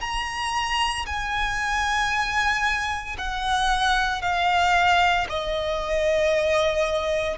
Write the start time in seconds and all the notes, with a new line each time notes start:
0.00 A#5
1.06 G#5
3.18 F#5
4.22 F5
5.29 D#5